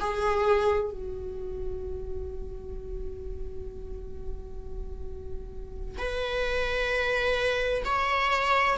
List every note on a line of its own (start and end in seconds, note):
0.00 0.91 G#4
0.91 5.99 F#4
5.99 7.83 B4
7.85 8.78 C#5